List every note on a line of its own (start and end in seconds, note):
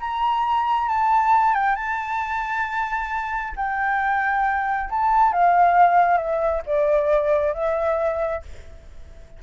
0.00 0.88 A#5
0.88 1.54 A5
1.54 1.76 G5
1.76 3.53 A5
3.56 4.89 G5
4.90 5.33 A5
5.33 6.18 F5
6.18 6.62 E5
6.66 7.54 D5
7.54 8.43 E5